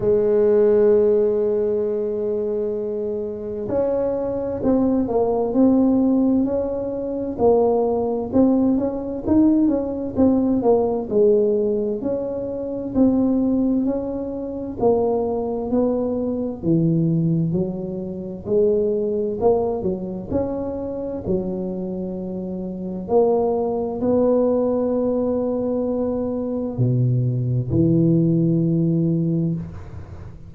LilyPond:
\new Staff \with { instrumentName = "tuba" } { \time 4/4 \tempo 4 = 65 gis1 | cis'4 c'8 ais8 c'4 cis'4 | ais4 c'8 cis'8 dis'8 cis'8 c'8 ais8 | gis4 cis'4 c'4 cis'4 |
ais4 b4 e4 fis4 | gis4 ais8 fis8 cis'4 fis4~ | fis4 ais4 b2~ | b4 b,4 e2 | }